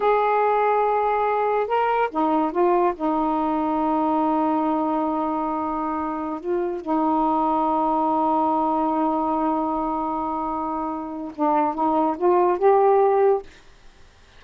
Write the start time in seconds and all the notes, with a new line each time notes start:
0.00 G#4
1.67 A#4
2.11 D#4
2.51 F4
2.95 D#4
6.39 F4
6.81 D#4
11.35 D4
11.74 D#4
12.17 F4
12.58 G4